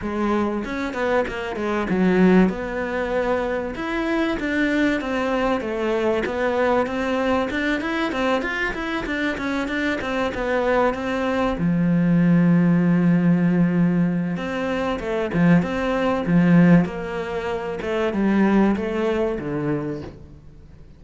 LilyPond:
\new Staff \with { instrumentName = "cello" } { \time 4/4 \tempo 4 = 96 gis4 cis'8 b8 ais8 gis8 fis4 | b2 e'4 d'4 | c'4 a4 b4 c'4 | d'8 e'8 c'8 f'8 e'8 d'8 cis'8 d'8 |
c'8 b4 c'4 f4.~ | f2. c'4 | a8 f8 c'4 f4 ais4~ | ais8 a8 g4 a4 d4 | }